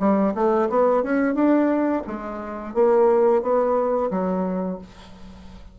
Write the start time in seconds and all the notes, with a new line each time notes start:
0.00 G3
0.35 A3
0.70 B3
1.04 C#4
1.35 D4
2.07 G#3
2.75 A#3
3.42 B3
4.11 F#3